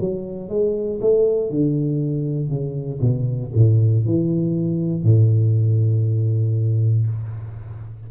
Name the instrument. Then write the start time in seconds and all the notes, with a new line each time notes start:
tuba
0.00 F#3
0.49 G#3
1.01 A3
1.51 D3
2.49 C#3
3.01 B2
3.55 A2
4.06 E3
5.04 A2